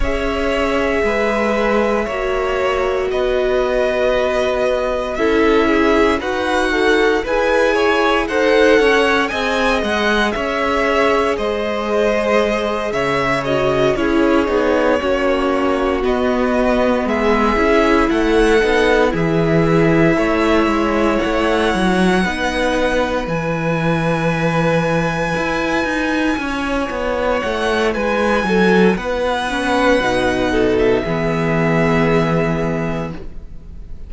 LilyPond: <<
  \new Staff \with { instrumentName = "violin" } { \time 4/4 \tempo 4 = 58 e''2. dis''4~ | dis''4 e''4 fis''4 gis''4 | fis''4 gis''8 fis''8 e''4 dis''4~ | dis''8 e''8 dis''8 cis''2 dis''8~ |
dis''8 e''4 fis''4 e''4.~ | e''8 fis''2 gis''4.~ | gis''2~ gis''8 fis''8 gis''4 | fis''4.~ fis''16 e''2~ e''16 | }
  \new Staff \with { instrumentName = "violin" } { \time 4/4 cis''4 b'4 cis''4 b'4~ | b'4 a'8 gis'8 fis'4 b'8 cis''8 | c''8 cis''8 dis''4 cis''4 c''4~ | c''8 cis''4 gis'4 fis'4.~ |
fis'8 gis'4 a'4 gis'4 cis''8~ | cis''4. b'2~ b'8~ | b'4. cis''4. b'8 a'8 | b'4. a'8 gis'2 | }
  \new Staff \with { instrumentName = "viola" } { \time 4/4 gis'2 fis'2~ | fis'4 e'4 b'8 a'8 gis'4 | a'4 gis'2.~ | gis'4 fis'8 e'8 dis'8 cis'4 b8~ |
b4 e'4 dis'8 e'4.~ | e'4. dis'4 e'4.~ | e'1~ | e'8 cis'8 dis'4 b2 | }
  \new Staff \with { instrumentName = "cello" } { \time 4/4 cis'4 gis4 ais4 b4~ | b4 cis'4 dis'4 e'4 | dis'8 cis'8 c'8 gis8 cis'4 gis4~ | gis8 cis4 cis'8 b8 ais4 b8~ |
b8 gis8 cis'8 a8 b8 e4 a8 | gis8 a8 fis8 b4 e4.~ | e8 e'8 dis'8 cis'8 b8 a8 gis8 fis8 | b4 b,4 e2 | }
>>